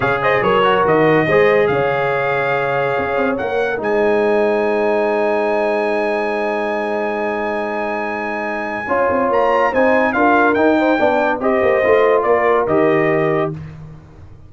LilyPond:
<<
  \new Staff \with { instrumentName = "trumpet" } { \time 4/4 \tempo 4 = 142 f''8 dis''8 cis''4 dis''2 | f''1 | fis''4 gis''2.~ | gis''1~ |
gis''1~ | gis''2 ais''4 gis''4 | f''4 g''2 dis''4~ | dis''4 d''4 dis''2 | }
  \new Staff \with { instrumentName = "horn" } { \time 4/4 cis''8 c''8 ais'2 c''4 | cis''1~ | cis''4 c''2.~ | c''1~ |
c''1~ | c''4 cis''2 c''4 | ais'4. c''8 d''4 c''4~ | c''4 ais'2. | }
  \new Staff \with { instrumentName = "trombone" } { \time 4/4 gis'4. fis'4. gis'4~ | gis'1 | ais'4 dis'2.~ | dis'1~ |
dis'1~ | dis'4 f'2 dis'4 | f'4 dis'4 d'4 g'4 | f'2 g'2 | }
  \new Staff \with { instrumentName = "tuba" } { \time 4/4 cis4 fis4 dis4 gis4 | cis2. cis'8 c'8 | ais4 gis2.~ | gis1~ |
gis1~ | gis4 cis'8 c'8 ais4 c'4 | d'4 dis'4 b4 c'8 ais8 | a4 ais4 dis2 | }
>>